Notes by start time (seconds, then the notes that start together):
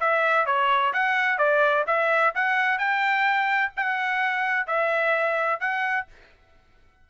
0.00 E5
0.46 C#5
0.94 F#5
1.38 D5
1.87 E5
2.35 F#5
2.78 G5
3.76 F#5
4.67 E5
5.60 F#5